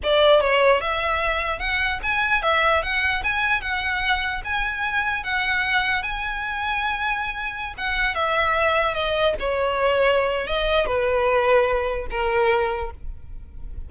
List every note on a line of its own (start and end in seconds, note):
0.03 0.40 D5
0.40 0.80 C#5
0.80 1.59 E5
1.59 1.99 F#5
2.03 2.42 G#5
2.42 2.82 E5
2.82 3.23 F#5
3.23 3.61 G#5
3.61 4.41 F#5
4.44 5.23 G#5
5.23 6.02 F#5
6.02 7.74 G#5
7.77 8.15 F#5
8.15 8.94 E5
8.94 9.34 D#5
9.39 10.47 C#5
10.47 10.86 D#5
10.86 12.06 B4
12.10 12.91 A#4